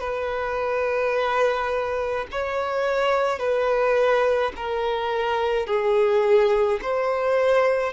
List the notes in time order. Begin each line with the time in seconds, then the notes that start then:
0.00 B4
2.31 C#5
3.39 B4
4.56 A#4
5.67 G#4
6.81 C5